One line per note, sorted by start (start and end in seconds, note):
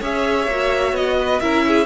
0.00 0.47 C#4
0.00 0.49 G#4
0.00 1.16 C#5
0.00 0.96 E5
0.47 0.93 A#3
0.47 1.42 F#4
0.93 1.39 B3
0.93 1.40 D#5
1.19 1.42 B4
1.40 1.86 C#4
1.40 1.86 E4
1.40 1.66 A#4
1.40 1.86 E5
1.68 1.86 G#4